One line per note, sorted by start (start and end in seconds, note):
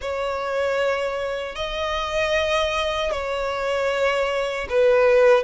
0.01 1.55 C#5
1.55 3.11 D#5
3.11 4.67 C#5
4.69 5.43 B4